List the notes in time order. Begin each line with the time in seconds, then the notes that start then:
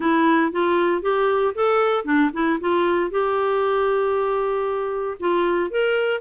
0.00 E4
0.52 F4
1.02 G4
1.54 A4
2.04 D4
2.33 E4
2.60 F4
3.10 G4
5.19 F4
5.70 A#4